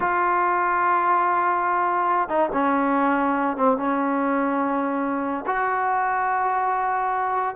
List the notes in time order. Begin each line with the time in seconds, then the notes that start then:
0.00 F4
2.28 D#4
2.52 C#4
3.56 C4
3.77 C#4
5.46 F#4